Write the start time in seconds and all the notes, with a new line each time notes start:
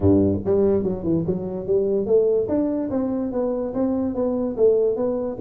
0.00 G2
0.45 G3
0.83 F#3
1.03 E3
1.26 F#3
1.66 G3
2.06 A3
2.48 D4
2.90 C4
3.32 B3
3.74 C4
4.14 B3
4.56 A3
4.95 B3